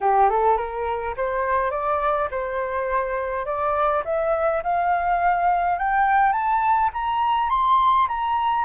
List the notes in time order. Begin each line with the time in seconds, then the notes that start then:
0.00 G4
0.29 A4
0.57 A#4
1.17 C5
1.70 D5
2.31 C5
3.45 D5
4.05 E5
4.63 F5
5.78 G5
6.32 A5
6.93 A#5
7.49 C6
8.08 A#5